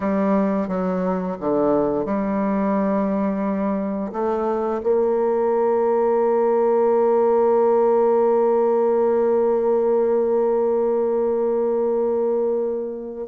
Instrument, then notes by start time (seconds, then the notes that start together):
bassoon
0.00 G3
0.67 F#3
1.40 D3
2.05 G3
4.12 A3
4.83 A#3